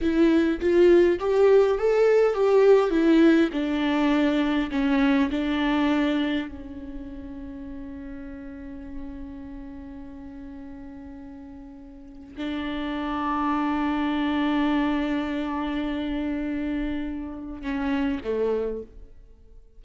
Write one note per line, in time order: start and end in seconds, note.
0.01 0.60 E4
0.60 1.19 F4
1.19 1.78 G4
1.78 2.33 A4
2.33 2.90 G4
2.90 3.49 E4
3.52 4.70 D4
4.71 5.29 C#4
5.30 6.47 D4
6.47 12.36 C#4
12.37 17.62 D4
17.62 18.21 C#4
18.24 18.82 A3